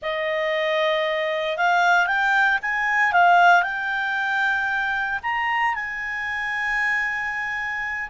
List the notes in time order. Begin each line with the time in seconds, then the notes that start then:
0.02 D#5
1.57 F5
2.06 G5
2.62 G#5
3.12 F5
3.63 G5
5.22 A#5
5.74 G#5